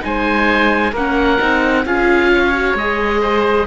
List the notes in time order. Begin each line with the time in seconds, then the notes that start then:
0.00 G#3 D#4 C5 G#5
0.92 A#3 C#4 A#4 F#5
1.39 C4 D#4
1.85 C#4 F4 G#4 F5
2.34 C#5
2.53 F#4
2.74 G#3 G#4 D#5
3.21 C5